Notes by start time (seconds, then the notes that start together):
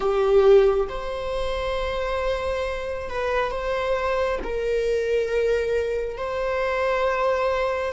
0.00 G4
0.88 C5
3.09 B4
3.51 C5
4.43 A#4
6.17 C5